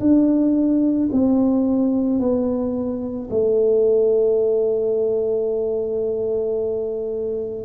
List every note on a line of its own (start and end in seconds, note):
0.00 1.09 D4
1.12 2.20 C4
2.20 3.29 B3
3.30 7.64 A3